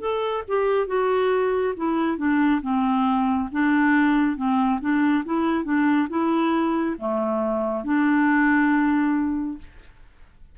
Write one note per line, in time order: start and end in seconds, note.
0.00 0.43 A4
0.48 0.87 G4
0.87 1.74 F#4
1.77 2.17 E4
2.17 2.61 D4
2.62 3.49 C4
3.52 4.36 D4
4.36 4.80 C4
4.81 5.24 D4
5.25 5.64 E4
5.64 6.08 D4
6.09 6.96 E4
6.98 7.84 A3
7.84 9.58 D4